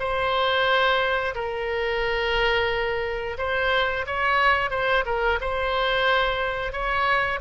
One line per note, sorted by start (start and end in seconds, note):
0.00 1.35 C5
1.35 3.37 A#4
3.38 4.06 C5
4.07 4.71 C#5
4.71 5.05 C5
5.06 5.39 A#4
5.41 6.73 C5
6.73 7.40 C#5